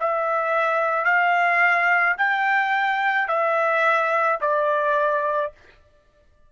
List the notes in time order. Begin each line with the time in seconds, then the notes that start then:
0.00 E5
1.05 F5
2.18 G5
3.28 E5
4.41 D5